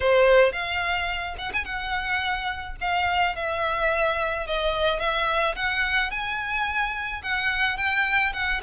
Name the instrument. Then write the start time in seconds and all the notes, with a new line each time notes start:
violin
0.00 C5
0.52 F5
1.38 F#5
1.53 G#5
1.64 F#5
2.80 F5
3.35 E5
4.46 D#5
4.99 E5
5.55 F#5
6.11 G#5
7.22 F#5
7.77 G5
8.33 F#5